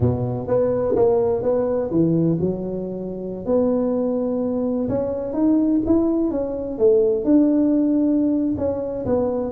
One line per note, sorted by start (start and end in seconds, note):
0.00 0.47 B2
0.47 0.95 B3
0.95 1.42 A#3
1.42 1.90 B3
1.90 2.38 E3
2.40 3.45 F#3
3.45 4.88 B3
4.88 5.33 C#4
5.33 5.80 D#4
5.86 6.31 E4
6.31 6.78 C#4
6.78 7.24 A3
7.24 8.55 D4
8.57 9.05 C#4
9.05 9.52 B3